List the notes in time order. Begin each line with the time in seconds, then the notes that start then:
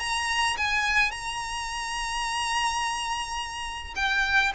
0.00 A#5
0.57 G#5
1.11 A#5
3.96 G5